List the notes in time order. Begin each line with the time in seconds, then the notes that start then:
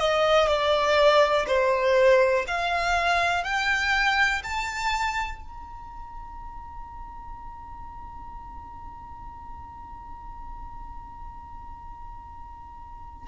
0.00 D#5
0.48 D5
1.48 C5
2.48 F5
3.44 G5
4.44 A5
5.42 A#5